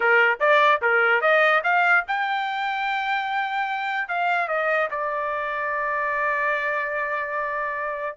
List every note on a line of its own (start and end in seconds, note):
0.00 0.38 A#4
0.40 0.81 D5
0.81 1.21 A#4
1.21 1.62 D#5
1.63 2.04 F5
2.07 4.08 G5
4.08 4.47 F5
4.47 4.88 D#5
4.91 8.17 D5